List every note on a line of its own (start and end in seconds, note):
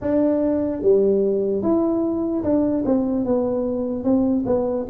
0.01 0.81 D4
0.81 1.62 G3
1.62 2.43 E4
2.43 2.84 D4
2.85 3.25 C4
3.25 4.04 B3
4.04 4.44 C4
4.46 4.86 B3